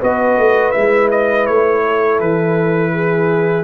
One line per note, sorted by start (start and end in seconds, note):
0.00 0.38 B3
0.00 0.74 F#4
0.00 1.83 B4
0.00 0.72 D#5
0.38 0.74 A3
0.72 1.49 G#3
0.72 3.65 E4
0.72 1.09 E5
1.12 1.47 D#5
1.47 2.21 A3
1.47 2.20 C#5
1.86 2.93 A4
2.21 3.65 E3
2.21 3.65 B4
2.93 3.65 G#4